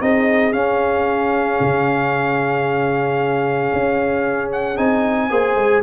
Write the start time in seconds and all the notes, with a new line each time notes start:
0.00 C4 D#4 G#4 D#5
0.52 C#4 F5
1.60 C#3
3.73 C#4
4.52 F#5
4.76 C4 D#4 G#5
5.29 A#3 G#4 C5
5.55 G#3